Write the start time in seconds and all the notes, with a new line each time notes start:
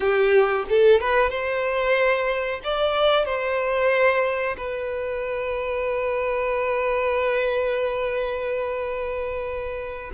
0.00 G4
0.68 A4
1.00 B4
1.30 C5
2.64 D5
3.25 C5
4.57 B4